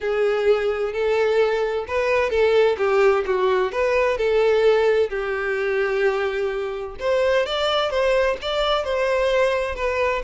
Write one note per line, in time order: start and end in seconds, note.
0.00 0.92 G#4
0.92 1.85 A4
1.87 2.30 B4
2.30 2.76 A4
2.77 3.24 G4
3.26 3.72 F#4
3.72 4.17 B4
4.17 5.09 A4
5.09 6.95 G4
6.99 7.45 C5
7.45 7.90 D5
7.90 8.36 C5
8.41 8.84 D5
8.84 9.75 C5
9.75 10.22 B4